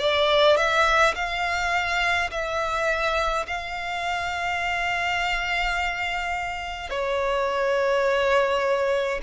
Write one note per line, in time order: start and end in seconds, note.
0.00 0.57 D5
0.57 1.15 E5
1.15 2.31 F5
2.31 3.47 E5
3.48 6.90 F5
6.90 9.21 C#5